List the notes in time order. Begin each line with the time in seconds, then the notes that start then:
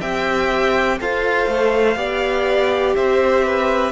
0.00 C4 G4 E5 G5
1.00 F4 A4 C5 F5
1.47 A3
1.96 B3 G4 D5
2.95 C4 C5 E5
3.45 B4